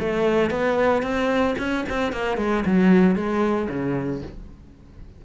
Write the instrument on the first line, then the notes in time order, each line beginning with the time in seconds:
cello
0.00 A3
0.51 B3
1.03 C4
1.59 C#4
1.90 C4
2.13 A#3
2.38 G#3
2.66 F#3
3.16 G#3
3.70 C#3